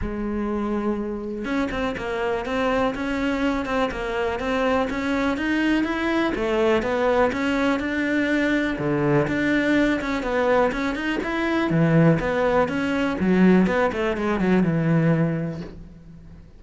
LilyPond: \new Staff \with { instrumentName = "cello" } { \time 4/4 \tempo 4 = 123 gis2. cis'8 c'8 | ais4 c'4 cis'4. c'8 | ais4 c'4 cis'4 dis'4 | e'4 a4 b4 cis'4 |
d'2 d4 d'4~ | d'8 cis'8 b4 cis'8 dis'8 e'4 | e4 b4 cis'4 fis4 | b8 a8 gis8 fis8 e2 | }